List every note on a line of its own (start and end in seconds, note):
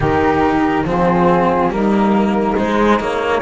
0.00 0.84 D#3
0.00 0.85 D#4
0.00 0.85 G4
0.00 0.87 A#4
0.84 1.68 F3
0.84 1.71 C4
0.84 1.72 F4
0.84 1.72 G#4
1.68 2.54 G3
1.68 2.56 A#3
1.68 3.42 D#4
1.68 2.57 A#4
2.56 3.42 G#3
2.56 2.99 G#3
2.56 3.01 C5
2.99 3.42 A#3
2.99 3.42 C#5